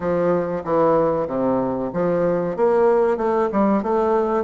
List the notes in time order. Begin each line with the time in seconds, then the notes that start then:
0.00 F3
0.64 E3
1.27 C3
1.93 F3
2.56 A#3
3.17 A3
3.52 G3
3.82 A3